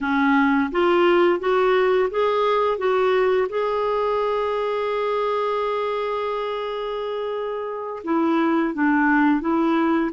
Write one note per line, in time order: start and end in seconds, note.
0.00 0.70 C#4
0.71 1.40 F4
1.40 2.09 F#4
2.10 2.78 G#4
2.78 3.48 F#4
3.49 8.02 G#4
8.04 8.74 E4
8.74 9.41 D4
9.41 10.10 E4